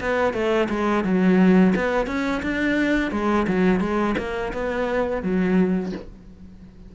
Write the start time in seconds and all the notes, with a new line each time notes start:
0.00 B3
0.33 A3
0.69 G#3
1.04 F#3
1.75 B3
2.06 C#4
2.43 D4
3.11 G#3
3.47 F#3
3.80 G#3
4.18 A#3
4.53 B3
5.22 F#3